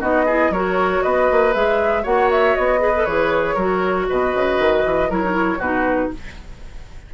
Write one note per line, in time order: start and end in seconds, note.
0.00 0.50 B3
0.00 0.27 D#4
0.00 0.25 F#4
0.00 0.53 D#5
0.26 0.53 E4
0.26 0.51 G#4
0.50 1.01 F#3
0.50 1.53 F#4
0.50 1.04 A#4
0.50 1.03 C#5
1.03 1.30 B3
1.03 2.03 B4
1.03 1.53 D#5
1.31 1.55 A#3
1.53 2.05 G#3
1.53 2.04 G#4
1.53 2.05 E5
2.03 2.56 A#3
2.03 2.79 F#4
2.03 2.79 C#5
2.03 2.30 F#5
2.31 2.56 E5
2.56 3.06 B3
2.56 3.05 D#5
2.79 2.92 G#4
2.79 3.55 B4
2.95 3.07 A4
3.05 3.56 E3
3.05 3.58 G#4
3.05 4.07 C#5
3.55 4.07 F#3
3.55 5.10 F#4
3.55 4.06 A#4
4.09 4.35 B2
4.09 5.09 B4
4.09 5.12 D#5
4.35 4.59 C#3
4.59 4.84 D#3
4.85 5.10 E3
5.09 5.58 F#3
5.09 5.23 E4
5.09 5.59 A#4
5.09 5.61 C#5
5.24 5.32 D#4
5.32 5.58 E4
5.58 6.09 B2
5.58 6.14 D#4
5.58 6.10 F#4
5.58 6.12 B4